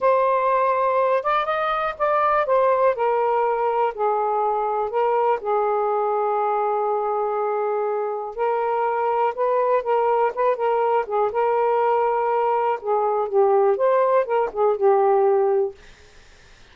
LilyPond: \new Staff \with { instrumentName = "saxophone" } { \time 4/4 \tempo 4 = 122 c''2~ c''8 d''8 dis''4 | d''4 c''4 ais'2 | gis'2 ais'4 gis'4~ | gis'1~ |
gis'4 ais'2 b'4 | ais'4 b'8 ais'4 gis'8 ais'4~ | ais'2 gis'4 g'4 | c''4 ais'8 gis'8 g'2 | }